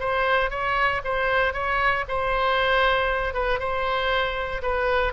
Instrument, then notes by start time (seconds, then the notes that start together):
oboe
0.00 C5
0.50 C#5
1.04 C5
1.53 C#5
2.09 C5
3.34 B4
3.59 C5
4.62 B4